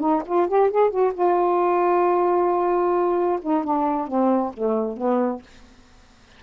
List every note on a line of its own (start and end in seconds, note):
0.00 0.23 D#4
0.26 0.48 F4
0.48 0.71 G4
0.71 0.91 G#4
0.91 1.13 F#4
1.14 3.40 F4
3.42 3.64 D#4
3.64 4.08 D4
4.08 4.53 C4
4.54 4.97 A3
4.97 5.43 B3